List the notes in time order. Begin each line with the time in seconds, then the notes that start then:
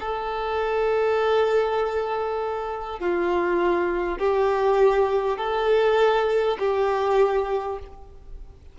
0.00 A4
3.00 F4
4.18 G4
5.37 A4
6.59 G4